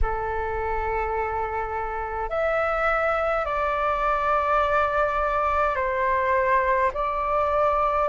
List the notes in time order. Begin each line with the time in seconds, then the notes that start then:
0.02 A4
2.29 E5
3.45 D5
5.75 C5
6.93 D5